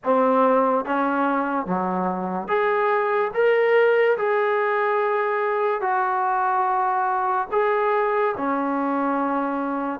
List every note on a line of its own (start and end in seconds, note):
0.03 0.85 C4
0.85 1.66 C#4
1.66 2.48 F#3
2.48 3.31 G#4
3.33 4.17 A#4
4.17 5.81 G#4
5.81 7.47 F#4
7.52 8.35 G#4
8.37 10.00 C#4